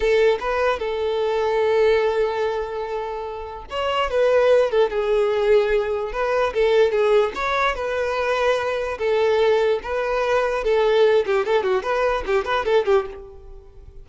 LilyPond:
\new Staff \with { instrumentName = "violin" } { \time 4/4 \tempo 4 = 147 a'4 b'4 a'2~ | a'1~ | a'4 cis''4 b'4. a'8 | gis'2. b'4 |
a'4 gis'4 cis''4 b'4~ | b'2 a'2 | b'2 a'4. g'8 | a'8 fis'8 b'4 g'8 b'8 a'8 g'8 | }